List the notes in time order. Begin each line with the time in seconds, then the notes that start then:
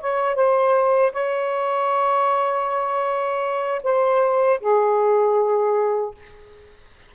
0.00 C#5
0.35 C5
1.12 C#5
3.83 C5
4.60 G#4